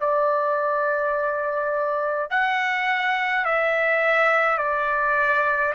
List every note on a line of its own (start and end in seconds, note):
0.00 2.30 D5
2.30 3.45 F#5
3.45 4.58 E5
4.58 5.73 D5